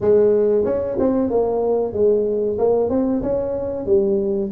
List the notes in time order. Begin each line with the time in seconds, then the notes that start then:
0.01 G#3
0.65 C#4
0.99 C4
1.30 A#3
1.93 G#3
2.58 A#3
2.89 C4
3.22 C#4
3.86 G3